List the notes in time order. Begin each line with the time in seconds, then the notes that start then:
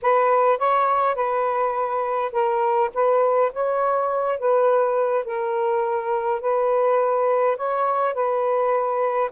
0.02 B4
0.58 C#5
1.15 B4
2.32 A#4
2.93 B4
3.52 C#5
4.38 B4
5.25 A#4
6.40 B4
7.56 C#5
8.13 B4